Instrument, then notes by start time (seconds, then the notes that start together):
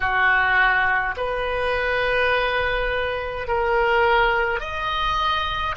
oboe
0.00 F#4
1.16 B4
3.47 A#4
4.59 D#5